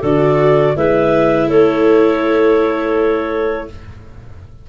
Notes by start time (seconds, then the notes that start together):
0.00 D3 F#4 A4 D5
0.76 G#3 E4 B4 E5
1.47 A3 A4 C#5